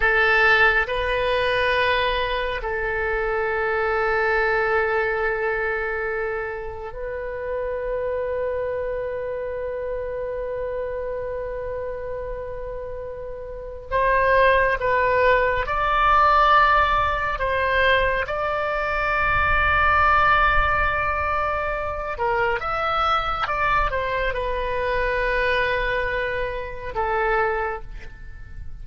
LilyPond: \new Staff \with { instrumentName = "oboe" } { \time 4/4 \tempo 4 = 69 a'4 b'2 a'4~ | a'1 | b'1~ | b'1 |
c''4 b'4 d''2 | c''4 d''2.~ | d''4. ais'8 e''4 d''8 c''8 | b'2. a'4 | }